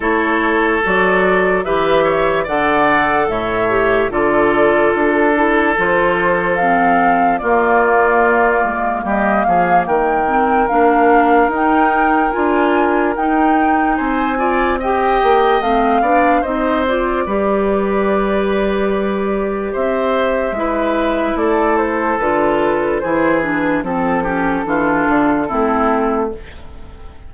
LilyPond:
<<
  \new Staff \with { instrumentName = "flute" } { \time 4/4 \tempo 4 = 73 cis''4 d''4 e''4 fis''4 | e''4 d''4 a'4 c''4 | f''4 d''2 dis''8 f''8 | g''4 f''4 g''4 gis''4 |
g''4 gis''4 g''4 f''4 | dis''8 d''2.~ d''8 | e''2 d''8 c''8 b'4 | c''8 b'8 a'2. | }
  \new Staff \with { instrumentName = "oboe" } { \time 4/4 a'2 b'8 cis''8 d''4 | cis''4 a'2.~ | a'4 f'2 g'8 gis'8 | ais'1~ |
ais'4 c''8 d''8 dis''4. d''8 | c''4 b'2. | c''4 b'4 a'2 | gis'4 a'8 g'8 f'4 e'4 | }
  \new Staff \with { instrumentName = "clarinet" } { \time 4/4 e'4 fis'4 g'4 a'4~ | a'8 g'8 f'4. e'8 f'4 | c'4 ais2.~ | ais8 c'8 d'4 dis'4 f'4 |
dis'4. f'8 g'4 c'8 d'8 | dis'8 f'8 g'2.~ | g'4 e'2 f'4 | e'8 d'8 c'8 cis'8 d'4 c'4 | }
  \new Staff \with { instrumentName = "bassoon" } { \time 4/4 a4 fis4 e4 d4 | a,4 d4 d'4 f4~ | f4 ais4. gis8 g8 f8 | dis4 ais4 dis'4 d'4 |
dis'4 c'4. ais8 a8 b8 | c'4 g2. | c'4 gis4 a4 d4 | e4 f4 e8 d8 a4 | }
>>